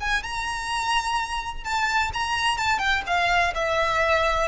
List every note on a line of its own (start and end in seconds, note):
0.00 0.23 G#5
0.23 1.64 A#5
1.64 2.11 A5
2.13 2.57 A#5
2.57 2.78 A5
2.78 3.02 G5
3.06 3.53 F5
3.54 4.47 E5